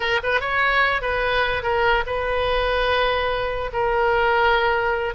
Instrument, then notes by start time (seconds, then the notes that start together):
oboe
0.00 A#4
0.23 B4
0.40 C#5
1.01 B4
1.63 A#4
2.06 B4
3.72 A#4